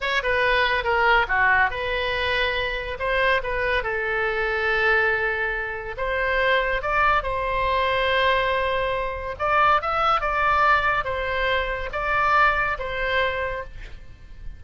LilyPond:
\new Staff \with { instrumentName = "oboe" } { \time 4/4 \tempo 4 = 141 cis''8 b'4. ais'4 fis'4 | b'2. c''4 | b'4 a'2.~ | a'2 c''2 |
d''4 c''2.~ | c''2 d''4 e''4 | d''2 c''2 | d''2 c''2 | }